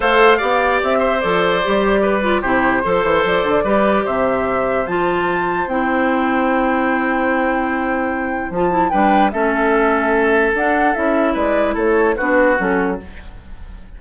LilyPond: <<
  \new Staff \with { instrumentName = "flute" } { \time 4/4 \tempo 4 = 148 f''2 e''4 d''4~ | d''2 c''2 | d''2 e''2 | a''2 g''2~ |
g''1~ | g''4 a''4 g''4 e''4~ | e''2 fis''4 e''4 | d''4 cis''4 b'4 a'4 | }
  \new Staff \with { instrumentName = "oboe" } { \time 4/4 c''4 d''4. c''4.~ | c''4 b'4 g'4 c''4~ | c''4 b'4 c''2~ | c''1~ |
c''1~ | c''2 b'4 a'4~ | a'1 | b'4 a'4 fis'2 | }
  \new Staff \with { instrumentName = "clarinet" } { \time 4/4 a'4 g'2 a'4 | g'4. f'8 e'4 a'4~ | a'4 g'2. | f'2 e'2~ |
e'1~ | e'4 f'8 e'8 d'4 cis'4~ | cis'2 d'4 e'4~ | e'2 d'4 cis'4 | }
  \new Staff \with { instrumentName = "bassoon" } { \time 4/4 a4 b4 c'4 f4 | g2 c4 f8 e8 | f8 d8 g4 c2 | f2 c'2~ |
c'1~ | c'4 f4 g4 a4~ | a2 d'4 cis'4 | gis4 a4 b4 fis4 | }
>>